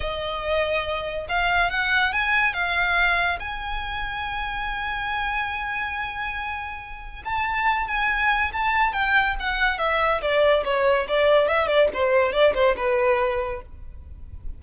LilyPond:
\new Staff \with { instrumentName = "violin" } { \time 4/4 \tempo 4 = 141 dis''2. f''4 | fis''4 gis''4 f''2 | gis''1~ | gis''1~ |
gis''4 a''4. gis''4. | a''4 g''4 fis''4 e''4 | d''4 cis''4 d''4 e''8 d''8 | c''4 d''8 c''8 b'2 | }